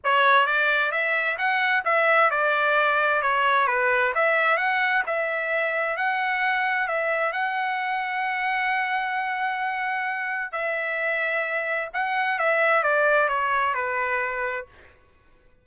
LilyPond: \new Staff \with { instrumentName = "trumpet" } { \time 4/4 \tempo 4 = 131 cis''4 d''4 e''4 fis''4 | e''4 d''2 cis''4 | b'4 e''4 fis''4 e''4~ | e''4 fis''2 e''4 |
fis''1~ | fis''2. e''4~ | e''2 fis''4 e''4 | d''4 cis''4 b'2 | }